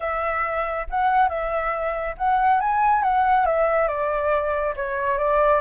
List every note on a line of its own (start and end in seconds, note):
0.00 0.86 E5
0.89 1.29 F#5
1.29 2.15 E5
2.17 2.60 F#5
2.60 3.02 G#5
3.02 3.46 F#5
3.46 3.88 E5
3.88 4.74 D5
4.76 5.18 C#5
5.18 5.60 D5